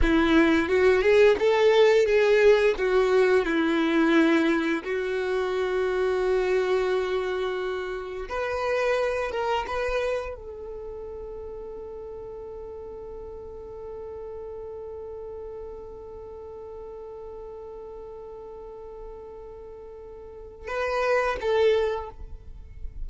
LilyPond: \new Staff \with { instrumentName = "violin" } { \time 4/4 \tempo 4 = 87 e'4 fis'8 gis'8 a'4 gis'4 | fis'4 e'2 fis'4~ | fis'1 | b'4. ais'8 b'4 a'4~ |
a'1~ | a'1~ | a'1~ | a'2 b'4 a'4 | }